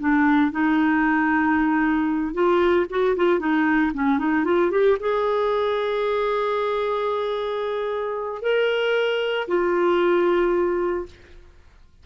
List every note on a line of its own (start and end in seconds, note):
0.00 0.52 D4
0.52 2.34 D#4
2.34 2.87 F4
2.90 3.16 F#4
3.16 3.39 F4
3.39 3.92 D#4
3.94 4.19 C#4
4.19 4.45 D#4
4.45 4.71 F4
4.71 4.98 G4
5.00 8.42 G#4
8.42 9.47 A#4
9.48 11.06 F4